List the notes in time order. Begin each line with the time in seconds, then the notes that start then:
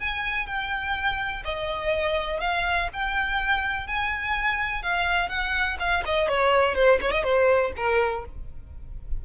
0.00 G#5
0.47 G5
1.45 D#5
2.40 F5
2.93 G5
3.87 G#5
4.83 F5
5.29 F#5
5.80 F5
6.05 D#5
6.28 C#5
6.75 C5
7.01 C#5
7.12 D#5
7.24 C5
7.77 A#4